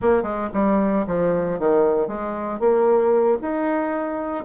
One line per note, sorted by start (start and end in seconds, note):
0.01 0.22 A#3
0.22 0.48 G#3
0.53 1.06 G3
1.06 1.59 F3
1.59 2.07 D#3
2.07 2.59 G#3
2.59 3.38 A#3
3.41 4.45 D#4